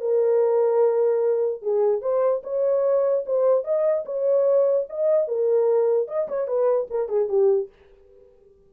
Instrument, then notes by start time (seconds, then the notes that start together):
horn
0.00 A#4
1.62 G#4
2.01 C5
2.43 C#5
3.26 C5
3.64 D#5
4.05 C#5
4.89 D#5
5.28 A#4
6.08 D#5
6.28 C#5
6.47 B4
6.90 A#4
7.09 G#4
7.29 G4